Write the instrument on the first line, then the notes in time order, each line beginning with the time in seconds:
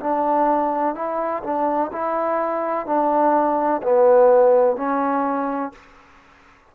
trombone
0.00 D4
0.94 E4
1.43 D4
1.92 E4
2.86 D4
3.82 B3
4.77 C#4